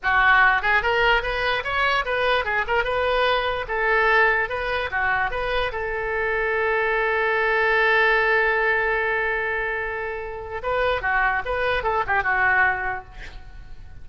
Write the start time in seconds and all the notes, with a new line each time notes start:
0.02 F#4
0.62 G#4
0.82 A#4
1.22 B4
1.63 C#5
2.05 B4
2.44 G#4
2.67 A#4
2.84 B4
3.67 A4
4.49 B4
4.90 F#4
5.30 B4
5.72 A4
10.63 B4
11.01 F#4
11.45 B4
11.83 A4
12.06 G4
12.23 F#4